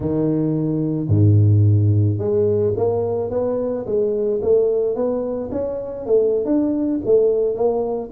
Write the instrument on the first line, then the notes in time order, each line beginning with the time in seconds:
tuba
0.00 D#3
1.08 G#2
2.18 G#3
2.76 A#3
3.30 B3
3.86 G#3
4.42 A3
4.95 B3
5.51 C#4
6.06 A3
6.45 D4
7.05 A3
7.55 A#3